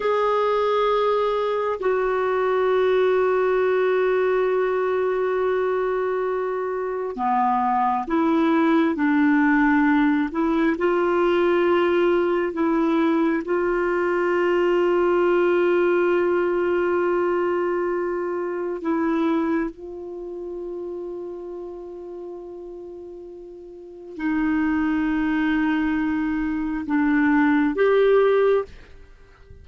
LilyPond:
\new Staff \with { instrumentName = "clarinet" } { \time 4/4 \tempo 4 = 67 gis'2 fis'2~ | fis'1 | b4 e'4 d'4. e'8 | f'2 e'4 f'4~ |
f'1~ | f'4 e'4 f'2~ | f'2. dis'4~ | dis'2 d'4 g'4 | }